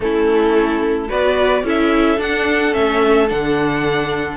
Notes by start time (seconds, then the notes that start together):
0.00 A3 C#4 E4 A4
1.08 B3 F#4 B4 D5
1.63 C#4 E4 A4 E5
2.17 D4 F#5
2.71 A3 C#4 E5
3.28 D3 D4 F#5